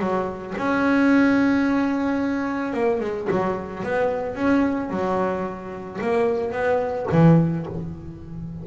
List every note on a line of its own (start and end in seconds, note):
0.00 0.55 F#3
0.58 2.74 C#4
2.74 3.01 A#3
3.01 3.28 G#3
3.31 3.83 F#3
3.83 4.36 B3
4.36 4.90 C#4
4.90 5.99 F#3
6.01 6.52 A#3
6.52 7.07 B3
7.12 7.67 E3